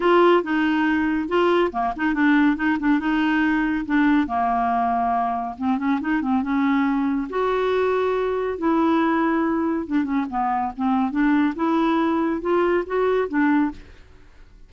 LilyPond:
\new Staff \with { instrumentName = "clarinet" } { \time 4/4 \tempo 4 = 140 f'4 dis'2 f'4 | ais8 dis'8 d'4 dis'8 d'8 dis'4~ | dis'4 d'4 ais2~ | ais4 c'8 cis'8 dis'8 c'8 cis'4~ |
cis'4 fis'2. | e'2. d'8 cis'8 | b4 c'4 d'4 e'4~ | e'4 f'4 fis'4 d'4 | }